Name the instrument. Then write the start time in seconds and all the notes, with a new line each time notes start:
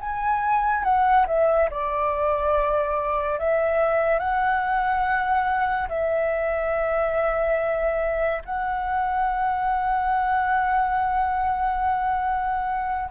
flute
0.00 G#5
0.83 F#5
1.27 E5
1.70 D5
3.39 E5
4.19 F#5
5.88 E5
8.45 F#5